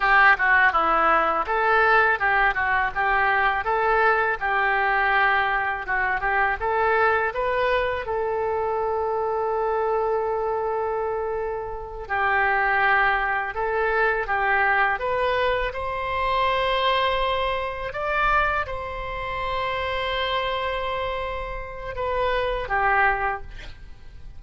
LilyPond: \new Staff \with { instrumentName = "oboe" } { \time 4/4 \tempo 4 = 82 g'8 fis'8 e'4 a'4 g'8 fis'8 | g'4 a'4 g'2 | fis'8 g'8 a'4 b'4 a'4~ | a'1~ |
a'8 g'2 a'4 g'8~ | g'8 b'4 c''2~ c''8~ | c''8 d''4 c''2~ c''8~ | c''2 b'4 g'4 | }